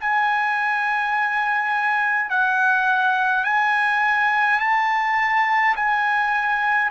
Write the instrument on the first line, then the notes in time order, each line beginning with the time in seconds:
trumpet
0.00 G#5
2.29 F#5
3.44 G#5
4.59 A5
5.75 G#5